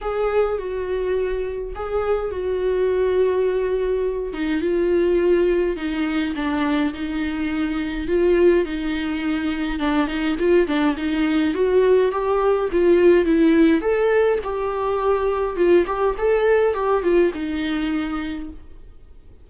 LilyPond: \new Staff \with { instrumentName = "viola" } { \time 4/4 \tempo 4 = 104 gis'4 fis'2 gis'4 | fis'2.~ fis'8 dis'8 | f'2 dis'4 d'4 | dis'2 f'4 dis'4~ |
dis'4 d'8 dis'8 f'8 d'8 dis'4 | fis'4 g'4 f'4 e'4 | a'4 g'2 f'8 g'8 | a'4 g'8 f'8 dis'2 | }